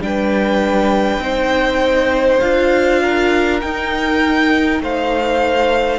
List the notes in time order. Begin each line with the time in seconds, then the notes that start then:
0.00 G3 D4 B4 G5
1.18 C4 D#4 C5
2.40 D4 F4 F5
3.02 A#4
3.61 D#4 G5
4.80 A3 C5 F5